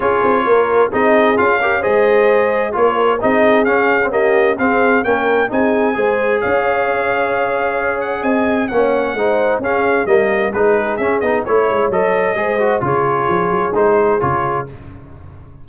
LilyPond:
<<
  \new Staff \with { instrumentName = "trumpet" } { \time 4/4 \tempo 4 = 131 cis''2 dis''4 f''4 | dis''2 cis''4 dis''4 | f''4 dis''4 f''4 g''4 | gis''2 f''2~ |
f''4. fis''8 gis''4 fis''4~ | fis''4 f''4 dis''4 b'4 | e''8 dis''8 cis''4 dis''2 | cis''2 c''4 cis''4 | }
  \new Staff \with { instrumentName = "horn" } { \time 4/4 gis'4 ais'4 gis'4. ais'8 | c''2 ais'4 gis'4~ | gis'4 g'4 gis'4 ais'4 | gis'4 c''4 cis''2~ |
cis''2 dis''4 cis''4 | c''4 gis'4 ais'4 gis'4~ | gis'4 cis''2 c''4 | gis'1 | }
  \new Staff \with { instrumentName = "trombone" } { \time 4/4 f'2 dis'4 f'8 g'8 | gis'2 f'4 dis'4 | cis'8. c'16 ais4 c'4 cis'4 | dis'4 gis'2.~ |
gis'2. cis'4 | dis'4 cis'4 ais4 dis'4 | cis'8 dis'8 e'4 a'4 gis'8 fis'8 | f'2 dis'4 f'4 | }
  \new Staff \with { instrumentName = "tuba" } { \time 4/4 cis'8 c'8 ais4 c'4 cis'4 | gis2 ais4 c'4 | cis'2 c'4 ais4 | c'4 gis4 cis'2~ |
cis'2 c'4 ais4 | gis4 cis'4 g4 gis4 | cis'8 b8 a8 gis8 fis4 gis4 | cis4 f8 fis8 gis4 cis4 | }
>>